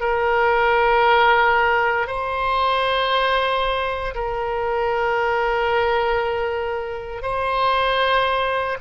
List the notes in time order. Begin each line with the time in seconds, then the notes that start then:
0.00 A#4
2.07 C5
4.14 A#4
7.22 C5